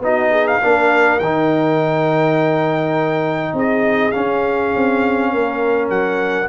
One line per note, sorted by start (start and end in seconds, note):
0.00 0.59 B3
0.00 0.61 D#4
0.00 0.31 F#4
0.00 0.48 D#5
0.31 0.60 G#4
0.48 1.19 F5
0.61 1.20 A#3
0.61 1.20 D4
0.61 3.55 A#4
1.19 3.53 D#3
1.19 4.12 D#4
1.19 3.55 G5
3.53 4.12 C4
3.53 5.32 G#4
3.53 4.11 D#5
4.11 6.48 C#4
4.11 4.75 C#4
4.11 5.88 F5
4.75 5.34 C4
5.32 5.89 A#3
5.32 6.49 A#4
5.89 6.48 F#3
5.89 6.49 F#5